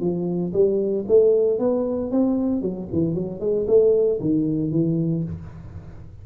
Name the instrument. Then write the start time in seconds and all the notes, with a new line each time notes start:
tuba
0.00 F3
0.53 G3
1.07 A3
1.59 B3
2.11 C4
2.62 F#3
2.92 E3
3.14 F#3
3.40 G#3
3.67 A3
4.20 D#3
4.71 E3